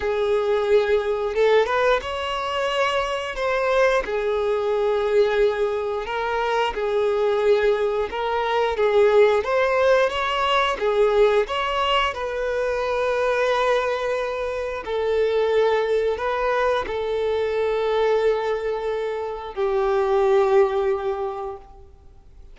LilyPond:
\new Staff \with { instrumentName = "violin" } { \time 4/4 \tempo 4 = 89 gis'2 a'8 b'8 cis''4~ | cis''4 c''4 gis'2~ | gis'4 ais'4 gis'2 | ais'4 gis'4 c''4 cis''4 |
gis'4 cis''4 b'2~ | b'2 a'2 | b'4 a'2.~ | a'4 g'2. | }